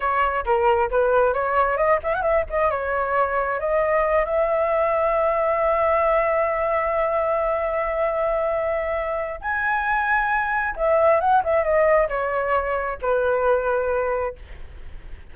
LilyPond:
\new Staff \with { instrumentName = "flute" } { \time 4/4 \tempo 4 = 134 cis''4 ais'4 b'4 cis''4 | dis''8 e''16 fis''16 e''8 dis''8 cis''2 | dis''4. e''2~ e''8~ | e''1~ |
e''1~ | e''4 gis''2. | e''4 fis''8 e''8 dis''4 cis''4~ | cis''4 b'2. | }